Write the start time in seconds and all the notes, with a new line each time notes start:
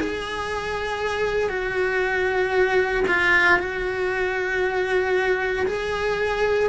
0.00 G#4
1.50 F#4
3.08 F4
3.59 F#4
5.67 G#4